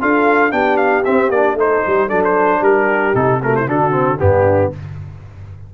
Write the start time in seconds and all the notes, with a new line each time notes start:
0.00 D4 F4 A4 F5
0.50 B3 D4 G4 G5
0.77 F5
1.04 C4 E5
1.29 A#3 D4 D5
1.54 A3 D#4 A4 C5
1.86 G3 G4
2.07 F#3 D4 A4 D5
2.24 C5
2.60 G3 G4 A#4
3.14 C3 D#4 A4
3.42 A3 F#4 A#4
3.55 E4 C5
3.66 D3 D4 F#4 A4
3.90 C4
4.19 G2 B3 D4 G4